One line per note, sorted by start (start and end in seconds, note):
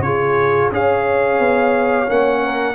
0.00 0.68 C#3
0.00 0.73 F4
0.00 0.74 G#4
0.00 0.70 C#5
0.72 1.39 C#4
0.72 2.08 G#4
0.72 2.44 C#5
0.72 2.11 F5
1.39 2.08 B3
2.08 2.75 A#3
2.08 2.75 C#4
2.08 2.75 F#5
2.44 2.75 A#4